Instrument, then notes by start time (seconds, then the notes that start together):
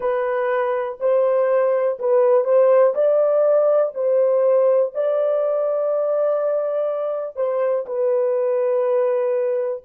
horn
0.00 B4
1.00 C5
1.99 B4
2.44 C5
2.94 D5
3.94 C5
4.94 D5
7.35 C5
7.86 B4